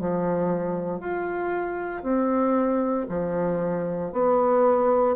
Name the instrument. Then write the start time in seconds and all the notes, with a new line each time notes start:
bassoon
0.00 F3
1.00 F4
2.03 C4
3.09 F3
4.13 B3